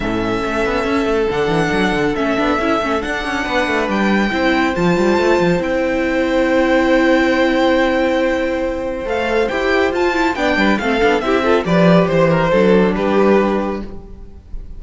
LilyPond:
<<
  \new Staff \with { instrumentName = "violin" } { \time 4/4 \tempo 4 = 139 e''2. fis''4~ | fis''4 e''2 fis''4~ | fis''4 g''2 a''4~ | a''4 g''2.~ |
g''1~ | g''4 f''4 g''4 a''4 | g''4 f''4 e''4 d''4 | c''2 b'2 | }
  \new Staff \with { instrumentName = "violin" } { \time 4/4 a'1~ | a'1 | b'2 c''2~ | c''1~ |
c''1~ | c''1 | d''8 b'8 a'4 g'8 a'8 b'4 | c''8 ais'8 a'4 g'2 | }
  \new Staff \with { instrumentName = "viola" } { \time 4/4 cis'2. d'4~ | d'4 cis'8 d'8 e'8 cis'8 d'4~ | d'2 e'4 f'4~ | f'4 e'2.~ |
e'1~ | e'4 a'4 g'4 f'8 e'8 | d'4 c'8 d'8 e'8 f'8 g'4~ | g'4 d'2. | }
  \new Staff \with { instrumentName = "cello" } { \time 4/4 a,4 a8 b8 cis'8 a8 d8 e8 | fis8 d8 a8 b8 cis'8 a8 d'8 cis'8 | b8 a8 g4 c'4 f8 g8 | a8 f8 c'2.~ |
c'1~ | c'4 a4 e'4 f'4 | b8 g8 a8 b8 c'4 f4 | e4 fis4 g2 | }
>>